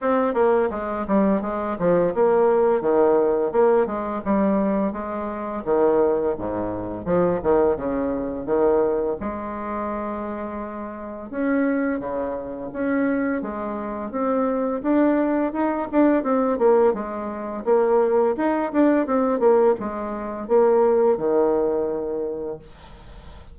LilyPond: \new Staff \with { instrumentName = "bassoon" } { \time 4/4 \tempo 4 = 85 c'8 ais8 gis8 g8 gis8 f8 ais4 | dis4 ais8 gis8 g4 gis4 | dis4 gis,4 f8 dis8 cis4 | dis4 gis2. |
cis'4 cis4 cis'4 gis4 | c'4 d'4 dis'8 d'8 c'8 ais8 | gis4 ais4 dis'8 d'8 c'8 ais8 | gis4 ais4 dis2 | }